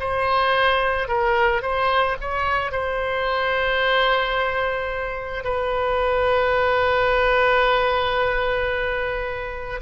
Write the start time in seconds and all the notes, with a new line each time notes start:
0.00 C5
1.08 A#4
1.62 C5
2.21 C#5
2.72 C5
5.44 B4